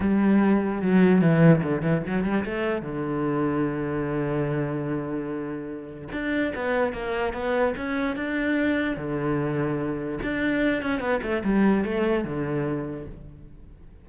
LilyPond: \new Staff \with { instrumentName = "cello" } { \time 4/4 \tempo 4 = 147 g2 fis4 e4 | d8 e8 fis8 g8 a4 d4~ | d1~ | d2. d'4 |
b4 ais4 b4 cis'4 | d'2 d2~ | d4 d'4. cis'8 b8 a8 | g4 a4 d2 | }